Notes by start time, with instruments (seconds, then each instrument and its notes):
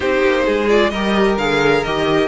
0.00 cello C4, viola D#4, violin G4 C5
0.24 cello A#3
0.45 cello G#3, violin G#4
0.69 viola F4, violin D5
0.90 cello G3, viola G4, violin A#4 D#5
1.37 cello D3, viola G#4, violin F5
1.83 cello D#3, viola G4, violin D#5